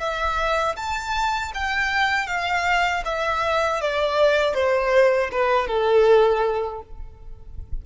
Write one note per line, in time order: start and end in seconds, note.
0.00 0.76 E5
0.76 1.52 A5
1.54 2.27 G5
2.27 3.03 F5
3.05 3.81 E5
3.81 4.54 D5
4.54 5.30 C5
5.32 5.68 B4
5.68 6.81 A4